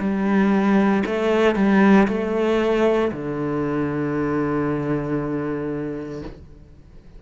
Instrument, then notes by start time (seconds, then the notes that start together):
cello
0.00 G3
1.06 A3
1.56 G3
2.08 A3
3.12 D3